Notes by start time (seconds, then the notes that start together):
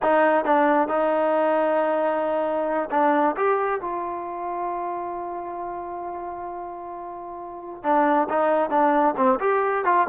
0.02 D#4
0.45 D4
0.88 D#4
2.91 D4
3.36 G4
3.80 F4
7.83 D4
8.29 D#4
8.70 D4
9.16 C4
9.40 G4
9.84 F4